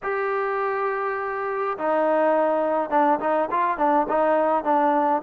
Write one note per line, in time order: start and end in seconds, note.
0.02 1.77 G4
1.78 2.90 D#4
2.90 3.19 D4
3.20 3.49 D#4
3.51 3.77 F4
3.77 4.06 D4
4.08 4.63 D#4
4.63 5.22 D4